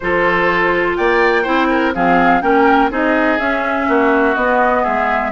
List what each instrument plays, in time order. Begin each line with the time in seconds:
0.00 bassoon F3, clarinet F4, oboe A4, flute C5
0.96 bassoon A#3, oboe D5, flute G5
1.42 bassoon C4, clarinet E4, oboe C5
1.69 oboe A#4
1.93 bassoon F3, clarinet C4, oboe G#4, flute F5
2.41 bassoon A#3, clarinet C#4, oboe A#4, flute G5
2.90 bassoon C4, clarinet D#4, oboe G#4, flute D#5
3.38 bassoon C#4, clarinet C#4, flute E5
3.88 bassoon A#3, oboe F#4
4.35 bassoon B3, clarinet B3, flute D#5
4.82 bassoon G#3, oboe G#4, flute E5